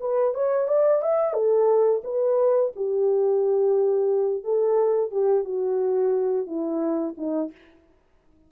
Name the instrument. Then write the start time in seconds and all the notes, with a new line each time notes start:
horn
0.00 B4
0.34 C#5
0.68 D5
1.02 E5
1.33 A4
2.04 B4
2.76 G4
4.44 A4
5.11 G4
5.44 F#4
6.46 E4
7.17 D#4